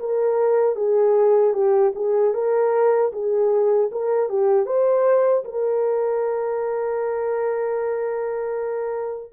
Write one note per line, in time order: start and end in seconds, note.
0.00 0.76 A#4
0.76 1.54 G#4
1.54 1.93 G4
1.96 2.34 G#4
2.34 3.12 A#4
3.13 3.91 G#4
3.92 4.30 A#4
4.30 4.66 G4
4.66 5.44 C5
5.45 9.33 A#4